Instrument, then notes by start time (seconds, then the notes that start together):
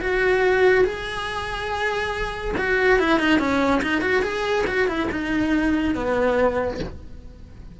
cello
0.00 F#4
0.84 G#4
2.57 F#4
2.99 E4
3.19 D#4
3.39 C#4
3.82 D#4
4.01 F#4
4.22 G#4
4.66 F#4
4.87 E4
5.11 D#4
5.94 B3